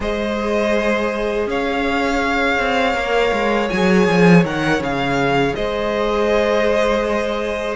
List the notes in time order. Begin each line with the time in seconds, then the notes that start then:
0.00 G#3 G#4 C5 D#5
1.46 C#4 C#5 F5
2.58 C4
2.94 A#3 A#4
3.32 G#3
3.69 F#3 G#4 G#5
4.08 F3
4.44 D#3 A#4 F#5
4.79 C#3 G#4 F5
5.55 G#3 C5 D#5